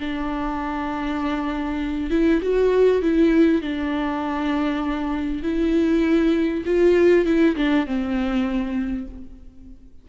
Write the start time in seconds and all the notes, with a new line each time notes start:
0.00 D4
2.11 E4
2.42 F#4
3.02 E4
3.62 D4
5.43 E4
6.66 F4
7.26 E4
7.57 D4
7.87 C4